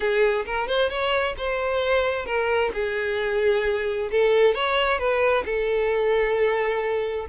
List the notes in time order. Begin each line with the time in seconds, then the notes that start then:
0.00 G#4
0.45 A#4
0.67 C5
0.89 C#5
1.37 C5
2.25 A#4
2.73 G#4
4.11 A4
4.54 C#5
4.98 B4
5.45 A4